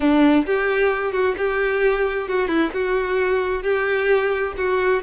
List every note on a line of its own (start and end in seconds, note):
0.00 0.45 D4
0.46 1.12 G4
1.12 1.35 F#4
1.37 2.28 G4
2.28 2.48 F#4
2.48 2.70 E4
2.73 3.62 F#4
3.62 4.53 G4
4.57 5.02 F#4